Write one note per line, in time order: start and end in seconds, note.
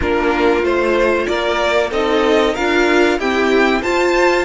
0.00 0.62 A#3
0.00 0.62 D4
0.00 1.25 F4
0.00 0.64 A#4
0.62 1.26 A3
0.62 1.90 F4
0.62 1.26 C5
1.26 1.91 A#3
1.26 1.90 A#4
1.26 1.90 D5
1.90 2.55 C4
1.90 2.56 D#4
1.90 2.54 A4
1.90 2.55 D#5
2.54 3.18 D4
2.54 3.20 F4
2.54 3.17 A#4
2.54 3.19 F5
3.18 3.82 C4
3.18 3.82 E4
3.18 3.82 G4
3.18 3.82 G5
3.82 4.45 F4
3.82 4.45 C5
3.82 4.45 A5